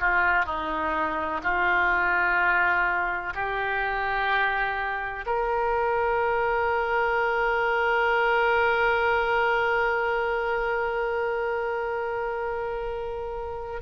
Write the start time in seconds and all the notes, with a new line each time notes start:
0.00 F4
0.45 D#4
1.43 F4
3.34 G4
5.26 A#4